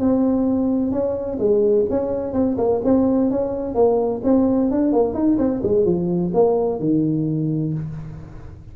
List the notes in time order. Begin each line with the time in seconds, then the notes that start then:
0.00 C4
0.91 C#4
1.38 G#3
1.90 C#4
2.33 C4
2.58 A#3
2.84 C4
3.31 C#4
3.75 A#3
4.24 C4
4.71 D4
4.92 A#3
5.14 D#4
5.38 C4
5.63 G#3
5.85 F3
6.34 A#3
6.80 D#3